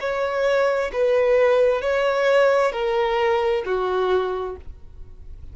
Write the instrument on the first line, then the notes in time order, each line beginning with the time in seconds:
violin
0.00 C#5
0.93 B4
1.81 C#5
2.72 A#4
3.65 F#4